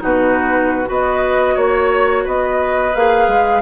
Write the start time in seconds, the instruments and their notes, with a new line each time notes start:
0.00 bassoon B2, clarinet D#4, oboe F#4, flute B4
0.85 bassoon B3, clarinet F#4, oboe B4
0.92 flute D#5
1.54 bassoon A#3, oboe C#5, flute C#5
2.24 bassoon B3, oboe B4, flute D#5
2.95 bassoon A#3, clarinet G#4, flute F5
3.28 bassoon G#3